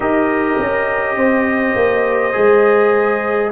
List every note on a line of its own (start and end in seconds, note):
0.00 0.56 D#4
0.00 2.32 G4
0.00 1.15 A#4
0.00 3.52 D#5
0.58 1.15 C#4
1.15 1.74 C4
1.15 3.51 C5
1.75 2.34 A#3
2.32 3.52 G#3
2.32 3.50 G#4